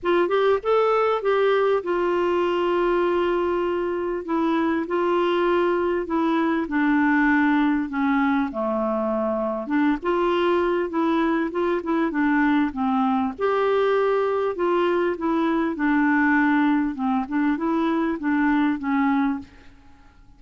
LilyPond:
\new Staff \with { instrumentName = "clarinet" } { \time 4/4 \tempo 4 = 99 f'8 g'8 a'4 g'4 f'4~ | f'2. e'4 | f'2 e'4 d'4~ | d'4 cis'4 a2 |
d'8 f'4. e'4 f'8 e'8 | d'4 c'4 g'2 | f'4 e'4 d'2 | c'8 d'8 e'4 d'4 cis'4 | }